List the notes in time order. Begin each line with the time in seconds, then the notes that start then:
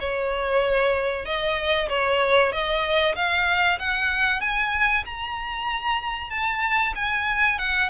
0.00 C#5
1.26 D#5
1.89 C#5
2.52 D#5
3.16 F5
3.79 F#5
4.41 G#5
5.06 A#5
6.30 A5
6.96 G#5
7.59 F#5